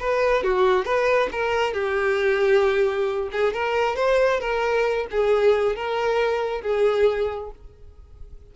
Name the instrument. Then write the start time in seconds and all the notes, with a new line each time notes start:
violin
0.00 B4
0.43 F#4
0.85 B4
1.32 A#4
1.74 G4
3.32 G#4
3.54 A#4
3.96 C5
4.40 A#4
5.11 G#4
5.76 A#4
6.62 G#4